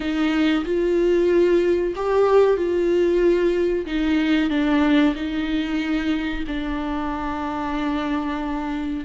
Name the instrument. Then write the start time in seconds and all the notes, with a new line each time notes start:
viola
0.00 D#4
0.65 F4
1.95 G4
2.56 F4
3.85 D#4
4.50 D4
5.15 D#4
6.47 D4